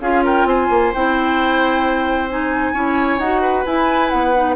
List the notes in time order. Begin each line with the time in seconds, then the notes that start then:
0.00 C#4 F4 G#4 F5
0.24 A#4 G5
0.45 C4 C5 G#5
0.70 A#3
0.94 C4 E4 G5
2.30 D#4 G#5
2.73 C#4 E4 C#5
3.18 D#4 F#4 F#5
3.41 B4
3.66 E4 G#5
4.09 B3 F#5
4.35 D#4